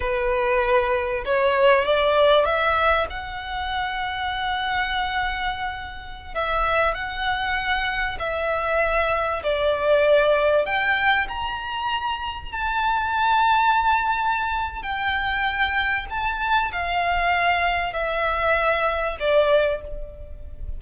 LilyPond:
\new Staff \with { instrumentName = "violin" } { \time 4/4 \tempo 4 = 97 b'2 cis''4 d''4 | e''4 fis''2.~ | fis''2~ fis''16 e''4 fis''8.~ | fis''4~ fis''16 e''2 d''8.~ |
d''4~ d''16 g''4 ais''4.~ ais''16~ | ais''16 a''2.~ a''8. | g''2 a''4 f''4~ | f''4 e''2 d''4 | }